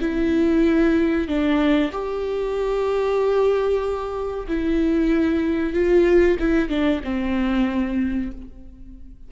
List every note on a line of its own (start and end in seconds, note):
0.00 1.28 E4
1.28 1.91 D4
1.91 4.47 G4
4.48 5.73 E4
5.73 6.37 F4
6.39 6.69 E4
6.69 7.01 D4
7.04 8.32 C4